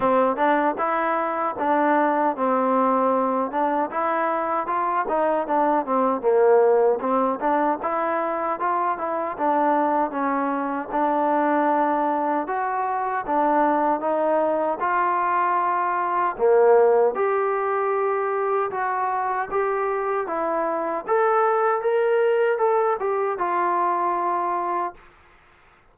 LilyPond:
\new Staff \with { instrumentName = "trombone" } { \time 4/4 \tempo 4 = 77 c'8 d'8 e'4 d'4 c'4~ | c'8 d'8 e'4 f'8 dis'8 d'8 c'8 | ais4 c'8 d'8 e'4 f'8 e'8 | d'4 cis'4 d'2 |
fis'4 d'4 dis'4 f'4~ | f'4 ais4 g'2 | fis'4 g'4 e'4 a'4 | ais'4 a'8 g'8 f'2 | }